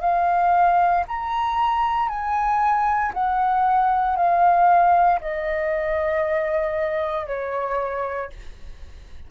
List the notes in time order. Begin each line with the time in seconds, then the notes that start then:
0.00 F5
1.07 A#5
2.09 G#5
3.13 F#5
4.16 F5
5.21 D#5
7.26 C#5